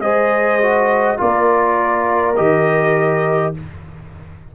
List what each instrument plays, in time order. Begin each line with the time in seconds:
0.00 tuba G#3, trombone G#4, horn C5, trumpet D#5
0.62 trombone F#4
1.17 tuba A#3, trombone F4, horn A#4, trumpet D5
2.36 tuba D#3, trombone G4, trumpet D#5